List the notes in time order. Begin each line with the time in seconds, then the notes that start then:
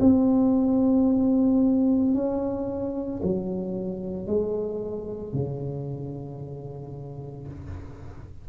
0.00 C4
2.14 C#4
3.23 F#3
4.27 G#3
5.33 C#3